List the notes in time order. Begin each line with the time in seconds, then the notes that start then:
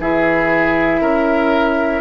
0.00 E3 E4 G#4 E5
1.00 C#4 A#4